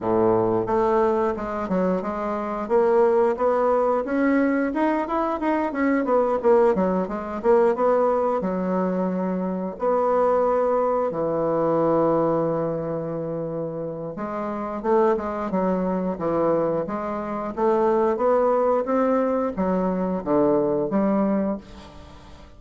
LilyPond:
\new Staff \with { instrumentName = "bassoon" } { \time 4/4 \tempo 4 = 89 a,4 a4 gis8 fis8 gis4 | ais4 b4 cis'4 dis'8 e'8 | dis'8 cis'8 b8 ais8 fis8 gis8 ais8 b8~ | b8 fis2 b4.~ |
b8 e2.~ e8~ | e4 gis4 a8 gis8 fis4 | e4 gis4 a4 b4 | c'4 fis4 d4 g4 | }